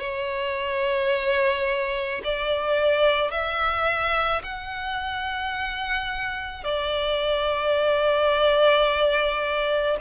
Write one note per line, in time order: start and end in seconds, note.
0.00 2.22 C#5
2.25 3.31 D5
3.31 4.42 E5
4.44 6.64 F#5
6.64 9.97 D5